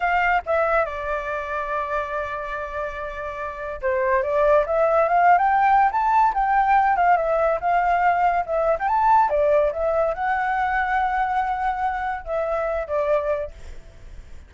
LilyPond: \new Staff \with { instrumentName = "flute" } { \time 4/4 \tempo 4 = 142 f''4 e''4 d''2~ | d''1~ | d''4 c''4 d''4 e''4 | f''8. g''4~ g''16 a''4 g''4~ |
g''8 f''8 e''4 f''2 | e''8. g''16 a''4 d''4 e''4 | fis''1~ | fis''4 e''4. d''4. | }